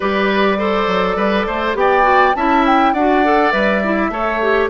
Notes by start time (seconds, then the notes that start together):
0.00 G3 G4 B4 D5
0.57 A4 C5
0.87 F#3
1.15 G3 B4
1.46 A3 C5
1.74 B3 G4 D5 G5
2.03 F#4
2.35 C#4 E4 E5 A5
2.66 G5
2.93 D4 F#4 D5 F#5
3.24 A4
3.51 G3 B4 E5
3.83 E4
4.09 A3 A4 C#5
4.41 G4